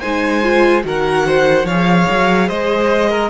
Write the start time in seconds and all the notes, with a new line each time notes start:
0.00 G#3 D#4 C5 G#5
0.42 F4
0.82 D#3 F#4 A#4
0.88 F#5
1.26 C5
1.63 F3 C#5 F5
1.70 G#4
2.10 F#3
2.47 G#3 C5 D#5
3.09 A#4